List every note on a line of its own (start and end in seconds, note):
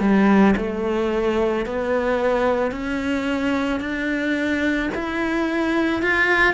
0.00 0.55 G3
0.57 1.66 A3
1.66 2.72 B3
2.72 3.80 C#4
3.80 4.89 D4
4.94 6.02 E4
6.02 6.54 F4